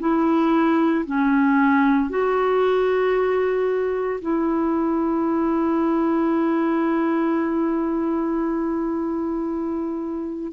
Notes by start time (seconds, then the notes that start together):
0.00 E4
1.06 C#4
2.10 F#4
4.22 E4